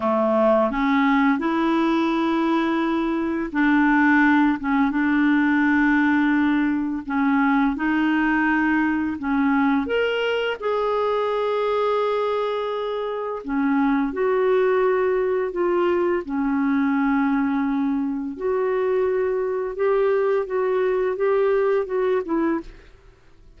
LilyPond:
\new Staff \with { instrumentName = "clarinet" } { \time 4/4 \tempo 4 = 85 a4 cis'4 e'2~ | e'4 d'4. cis'8 d'4~ | d'2 cis'4 dis'4~ | dis'4 cis'4 ais'4 gis'4~ |
gis'2. cis'4 | fis'2 f'4 cis'4~ | cis'2 fis'2 | g'4 fis'4 g'4 fis'8 e'8 | }